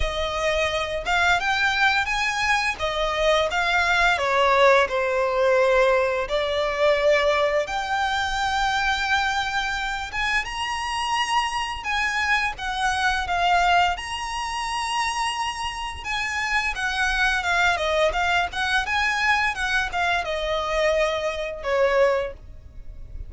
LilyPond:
\new Staff \with { instrumentName = "violin" } { \time 4/4 \tempo 4 = 86 dis''4. f''8 g''4 gis''4 | dis''4 f''4 cis''4 c''4~ | c''4 d''2 g''4~ | g''2~ g''8 gis''8 ais''4~ |
ais''4 gis''4 fis''4 f''4 | ais''2. gis''4 | fis''4 f''8 dis''8 f''8 fis''8 gis''4 | fis''8 f''8 dis''2 cis''4 | }